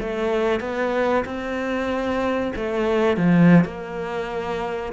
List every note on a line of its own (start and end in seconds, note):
0.00 0.61 A3
0.61 1.24 B3
1.25 2.53 C4
2.56 3.17 A3
3.17 3.65 F3
3.65 4.93 A#3